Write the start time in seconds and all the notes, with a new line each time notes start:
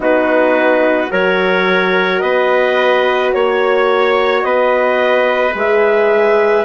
0.00 B3 D#4 F#4 B4
1.08 F#3 F#4 A#4 C#5
2.19 B3 B4 D#5
3.33 A#3 C#5
4.42 B3 B4 D#5
5.54 G#3 G#4 E5